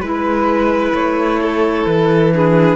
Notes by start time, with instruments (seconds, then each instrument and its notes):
0.00 cello G#3, clarinet E4, flute B4, violin B4
0.93 cello A3, flute C#5
1.42 violin A4
1.86 cello E3, flute B4
2.33 clarinet D4, violin G#4